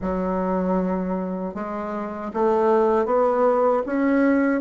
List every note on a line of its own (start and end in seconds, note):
0.01 1.54 F#3
1.54 2.31 G#3
2.33 3.05 A3
3.05 3.82 B3
3.85 4.61 C#4